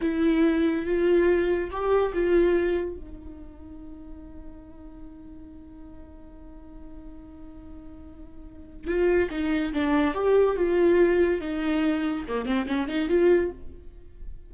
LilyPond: \new Staff \with { instrumentName = "viola" } { \time 4/4 \tempo 4 = 142 e'2 f'2 | g'4 f'2 dis'4~ | dis'1~ | dis'1~ |
dis'1~ | dis'4 f'4 dis'4 d'4 | g'4 f'2 dis'4~ | dis'4 ais8 c'8 cis'8 dis'8 f'4 | }